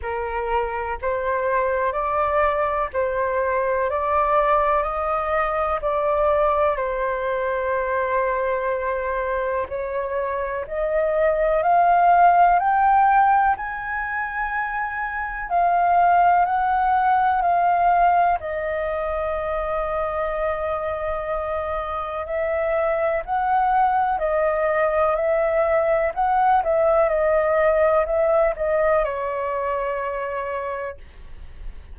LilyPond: \new Staff \with { instrumentName = "flute" } { \time 4/4 \tempo 4 = 62 ais'4 c''4 d''4 c''4 | d''4 dis''4 d''4 c''4~ | c''2 cis''4 dis''4 | f''4 g''4 gis''2 |
f''4 fis''4 f''4 dis''4~ | dis''2. e''4 | fis''4 dis''4 e''4 fis''8 e''8 | dis''4 e''8 dis''8 cis''2 | }